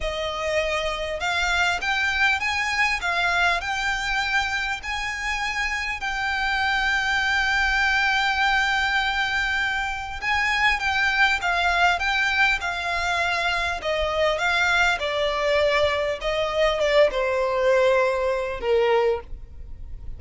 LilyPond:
\new Staff \with { instrumentName = "violin" } { \time 4/4 \tempo 4 = 100 dis''2 f''4 g''4 | gis''4 f''4 g''2 | gis''2 g''2~ | g''1~ |
g''4 gis''4 g''4 f''4 | g''4 f''2 dis''4 | f''4 d''2 dis''4 | d''8 c''2~ c''8 ais'4 | }